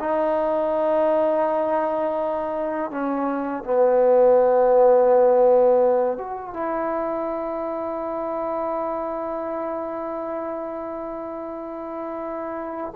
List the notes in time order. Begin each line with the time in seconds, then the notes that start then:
0.00 D#4
2.91 C#4
3.64 B3
6.18 F#4
6.54 E4